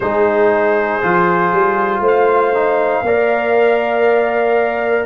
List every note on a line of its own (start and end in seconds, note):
0.00 1.00 G#3
0.00 1.01 D#4
0.00 2.01 G#4
0.00 2.03 C5
1.01 1.52 F3
1.01 2.54 F4
1.52 2.00 G3
2.00 3.01 A3
2.00 3.03 C5
2.07 5.06 F5
2.54 3.04 D#4
3.02 5.06 A#3
3.02 5.06 A#4
3.02 5.06 D5